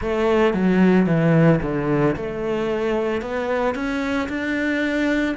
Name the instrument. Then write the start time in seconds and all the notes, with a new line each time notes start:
cello
0.01 A3
0.53 F#3
1.06 E3
1.61 D3
2.16 A3
3.21 B3
3.74 C#4
4.28 D4